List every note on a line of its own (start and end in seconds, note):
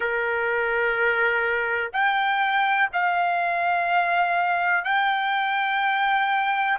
0.00 1.91 A#4
1.93 2.89 G5
2.93 4.84 F5
4.84 6.77 G5